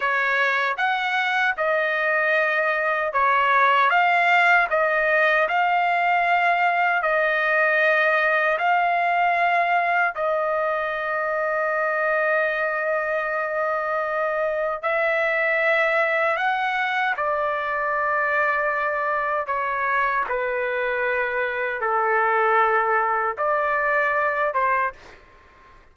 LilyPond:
\new Staff \with { instrumentName = "trumpet" } { \time 4/4 \tempo 4 = 77 cis''4 fis''4 dis''2 | cis''4 f''4 dis''4 f''4~ | f''4 dis''2 f''4~ | f''4 dis''2.~ |
dis''2. e''4~ | e''4 fis''4 d''2~ | d''4 cis''4 b'2 | a'2 d''4. c''8 | }